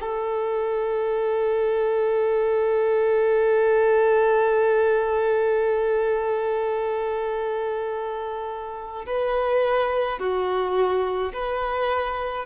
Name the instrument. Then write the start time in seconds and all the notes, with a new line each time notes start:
violin
0.00 A4
9.06 B4
10.19 F#4
11.33 B4